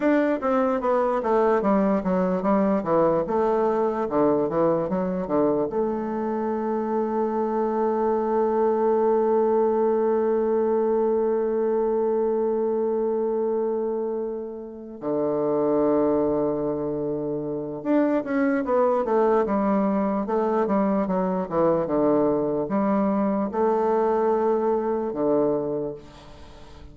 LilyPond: \new Staff \with { instrumentName = "bassoon" } { \time 4/4 \tempo 4 = 74 d'8 c'8 b8 a8 g8 fis8 g8 e8 | a4 d8 e8 fis8 d8 a4~ | a1~ | a1~ |
a2~ a8 d4.~ | d2 d'8 cis'8 b8 a8 | g4 a8 g8 fis8 e8 d4 | g4 a2 d4 | }